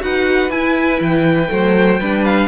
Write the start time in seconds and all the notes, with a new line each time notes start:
0.00 D#4 F#4 B4 F#5
0.50 E4 G#5
1.00 E3 G5
1.48 F#3 A3 C5
2.01 G3 D4 B4
2.25 F5